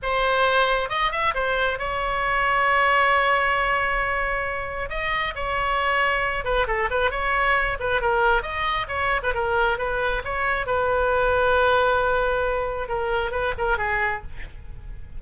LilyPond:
\new Staff \with { instrumentName = "oboe" } { \time 4/4 \tempo 4 = 135 c''2 dis''8 e''8 c''4 | cis''1~ | cis''2. dis''4 | cis''2~ cis''8 b'8 a'8 b'8 |
cis''4. b'8 ais'4 dis''4 | cis''8. b'16 ais'4 b'4 cis''4 | b'1~ | b'4 ais'4 b'8 ais'8 gis'4 | }